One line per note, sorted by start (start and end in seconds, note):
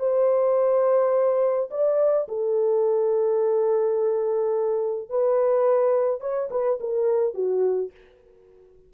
0.00 1.70 C5
1.71 2.28 D5
2.29 5.10 A4
5.10 6.21 B4
6.21 6.49 C#5
6.51 6.80 B4
6.81 7.35 A#4
7.35 7.91 F#4